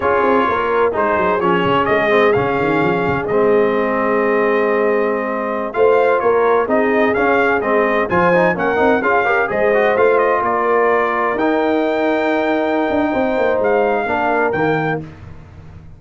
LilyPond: <<
  \new Staff \with { instrumentName = "trumpet" } { \time 4/4 \tempo 4 = 128 cis''2 c''4 cis''4 | dis''4 f''2 dis''4~ | dis''1~ | dis''16 f''4 cis''4 dis''4 f''8.~ |
f''16 dis''4 gis''4 fis''4 f''8.~ | f''16 dis''4 f''8 dis''8 d''4.~ d''16~ | d''16 g''2.~ g''8.~ | g''4 f''2 g''4 | }
  \new Staff \with { instrumentName = "horn" } { \time 4/4 gis'4 ais'4 gis'2~ | gis'1~ | gis'1~ | gis'16 c''4 ais'4 gis'4.~ gis'16~ |
gis'4~ gis'16 c''4 ais'4 gis'8 ais'16~ | ais'16 c''2 ais'4.~ ais'16~ | ais'1 | c''2 ais'2 | }
  \new Staff \with { instrumentName = "trombone" } { \time 4/4 f'2 dis'4 cis'4~ | cis'8 c'8 cis'2 c'4~ | c'1~ | c'16 f'2 dis'4 cis'8.~ |
cis'16 c'4 f'8 dis'8 cis'8 dis'8 f'8 g'16~ | g'16 gis'8 fis'8 f'2~ f'8.~ | f'16 dis'2.~ dis'8.~ | dis'2 d'4 ais4 | }
  \new Staff \with { instrumentName = "tuba" } { \time 4/4 cis'8 c'8 ais4 gis8 fis8 f8 cis8 | gis4 cis8 dis8 f8 cis8 gis4~ | gis1~ | gis16 a4 ais4 c'4 cis'8.~ |
cis'16 gis4 f4 ais8 c'8 cis'8.~ | cis'16 gis4 a4 ais4.~ ais16~ | ais16 dis'2.~ dis'16 d'8 | c'8 ais8 gis4 ais4 dis4 | }
>>